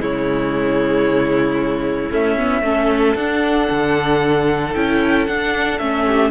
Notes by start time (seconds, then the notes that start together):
0.00 C#3 G#3 E4 C#5
2.10 A3 C#4 E5
2.37 B3
2.62 A3 C#4 A4
3.15 D4 F#5
3.70 D3
4.74 C#4 E4 G5
5.26 D4 F#5
5.78 A3 C#4 E5
6.06 G4